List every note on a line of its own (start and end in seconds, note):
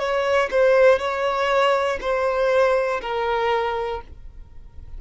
0.00 0.50 C#5
0.51 1.00 C5
1.00 2.00 C#5
2.01 3.01 C5
3.01 4.01 A#4